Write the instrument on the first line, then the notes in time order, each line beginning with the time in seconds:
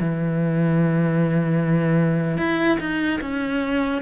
cello
0.00 E3
2.37 E4
2.79 D#4
3.21 C#4